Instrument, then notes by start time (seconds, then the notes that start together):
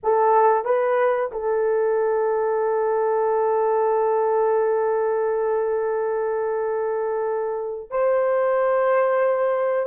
horn
0.03 A4
0.64 B4
1.31 A4
7.90 C5